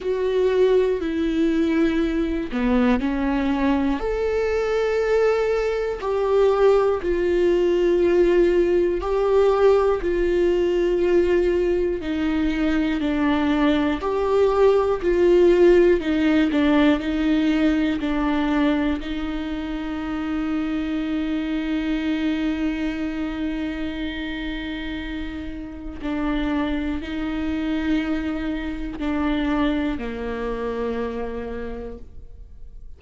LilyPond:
\new Staff \with { instrumentName = "viola" } { \time 4/4 \tempo 4 = 60 fis'4 e'4. b8 cis'4 | a'2 g'4 f'4~ | f'4 g'4 f'2 | dis'4 d'4 g'4 f'4 |
dis'8 d'8 dis'4 d'4 dis'4~ | dis'1~ | dis'2 d'4 dis'4~ | dis'4 d'4 ais2 | }